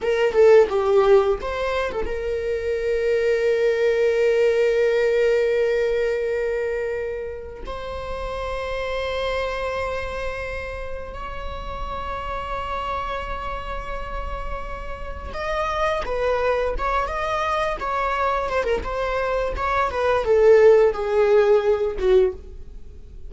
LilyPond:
\new Staff \with { instrumentName = "viola" } { \time 4/4 \tempo 4 = 86 ais'8 a'8 g'4 c''8. a'16 ais'4~ | ais'1~ | ais'2. c''4~ | c''1 |
cis''1~ | cis''2 dis''4 b'4 | cis''8 dis''4 cis''4 c''16 ais'16 c''4 | cis''8 b'8 a'4 gis'4. fis'8 | }